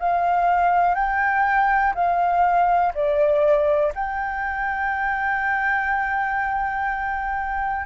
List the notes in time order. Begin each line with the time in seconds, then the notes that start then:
0.00 F5
0.95 G5
1.95 F5
2.95 D5
3.95 G5